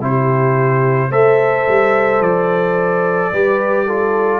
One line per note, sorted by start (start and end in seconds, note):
0.00 1.11 C3
0.00 1.11 E4
0.00 1.09 G4
0.00 1.12 C5
1.09 1.66 A3
1.09 3.33 A4
1.09 3.31 C5
1.09 2.22 E5
1.68 2.20 G3
2.20 3.31 F3
2.20 4.40 D5
3.32 4.40 G3
3.32 3.88 G4
3.32 3.85 B4
3.85 4.40 F4
3.85 4.40 A4